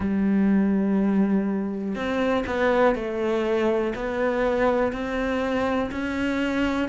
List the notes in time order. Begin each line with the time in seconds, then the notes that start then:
0.00 G3
1.95 C4
2.46 B3
2.95 A3
3.95 B3
4.92 C4
5.91 C#4